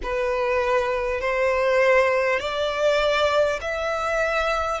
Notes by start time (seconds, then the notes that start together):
0.02 B4
1.21 C5
2.39 D5
3.61 E5